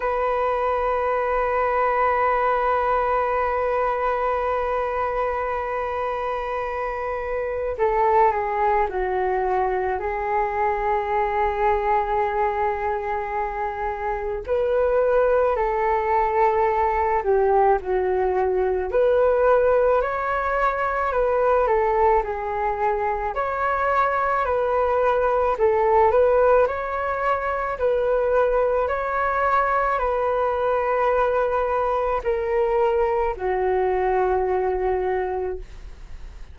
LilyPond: \new Staff \with { instrumentName = "flute" } { \time 4/4 \tempo 4 = 54 b'1~ | b'2. a'8 gis'8 | fis'4 gis'2.~ | gis'4 b'4 a'4. g'8 |
fis'4 b'4 cis''4 b'8 a'8 | gis'4 cis''4 b'4 a'8 b'8 | cis''4 b'4 cis''4 b'4~ | b'4 ais'4 fis'2 | }